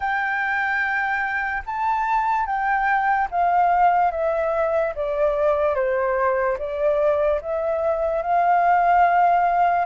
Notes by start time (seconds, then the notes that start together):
0.00 G5
1.66 A5
2.45 G5
3.31 F5
4.11 E5
4.95 D5
5.75 C5
6.58 D5
7.41 E5
8.22 F5